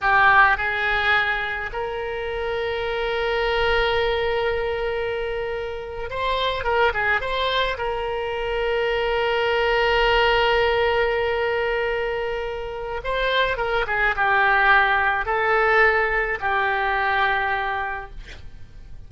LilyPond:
\new Staff \with { instrumentName = "oboe" } { \time 4/4 \tempo 4 = 106 g'4 gis'2 ais'4~ | ais'1~ | ais'2~ ais'8. c''4 ais'16~ | ais'16 gis'8 c''4 ais'2~ ais'16~ |
ais'1~ | ais'2. c''4 | ais'8 gis'8 g'2 a'4~ | a'4 g'2. | }